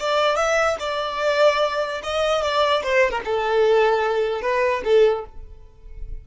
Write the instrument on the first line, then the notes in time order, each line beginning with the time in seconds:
violin
0.00 D5
0.36 E5
0.80 D5
2.03 D#5
2.43 D5
2.83 C5
3.11 A#4
3.25 A4
4.42 B4
4.85 A4